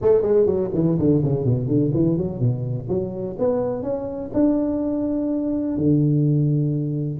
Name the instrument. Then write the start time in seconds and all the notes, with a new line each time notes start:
tuba
0.01 A3
0.22 G#3
0.46 F#3
0.74 E3
0.98 D3
1.23 C#3
1.44 B2
1.67 D3
1.93 E3
2.17 F#3
2.40 B2
2.88 F#3
3.38 B3
3.82 C#4
4.33 D4
5.77 D3